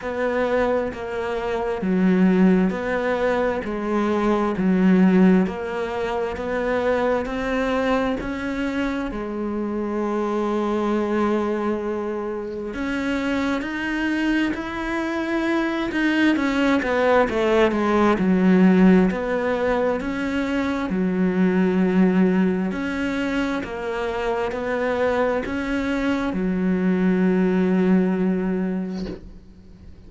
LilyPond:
\new Staff \with { instrumentName = "cello" } { \time 4/4 \tempo 4 = 66 b4 ais4 fis4 b4 | gis4 fis4 ais4 b4 | c'4 cis'4 gis2~ | gis2 cis'4 dis'4 |
e'4. dis'8 cis'8 b8 a8 gis8 | fis4 b4 cis'4 fis4~ | fis4 cis'4 ais4 b4 | cis'4 fis2. | }